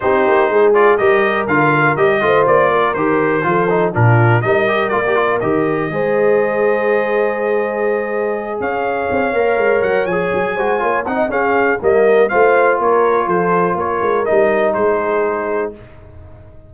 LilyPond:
<<
  \new Staff \with { instrumentName = "trumpet" } { \time 4/4 \tempo 4 = 122 c''4. d''8 dis''4 f''4 | dis''4 d''4 c''2 | ais'4 dis''4 d''4 dis''4~ | dis''1~ |
dis''4. f''2~ f''8 | fis''8 gis''2 fis''8 f''4 | dis''4 f''4 cis''4 c''4 | cis''4 dis''4 c''2 | }
  \new Staff \with { instrumentName = "horn" } { \time 4/4 g'4 gis'4 ais'2~ | ais'8 c''4 ais'4. a'4 | f'4 ais'2. | c''1~ |
c''4. cis''2~ cis''8~ | cis''4. c''8 cis''8 dis''8 gis'4 | ais'4 c''4 ais'4 a'4 | ais'2 gis'2 | }
  \new Staff \with { instrumentName = "trombone" } { \time 4/4 dis'4. f'8 g'4 f'4 | g'8 f'4. g'4 f'8 dis'8 | d'4 dis'8 g'8 f'16 g'16 f'8 g'4 | gis'1~ |
gis'2. ais'4~ | ais'8 gis'4 fis'8 f'8 dis'8 cis'4 | ais4 f'2.~ | f'4 dis'2. | }
  \new Staff \with { instrumentName = "tuba" } { \time 4/4 c'8 ais8 gis4 g4 d4 | g8 a8 ais4 dis4 f4 | ais,4 g4 ais4 dis4 | gis1~ |
gis4. cis'4 c'8 ais8 gis8 | fis8 f8 fis8 gis8 ais8 c'8 cis'4 | g4 a4 ais4 f4 | ais8 gis8 g4 gis2 | }
>>